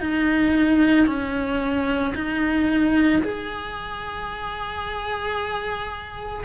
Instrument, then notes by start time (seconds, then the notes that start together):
cello
0.00 D#4
1.07 C#4
2.15 D#4
3.23 G#4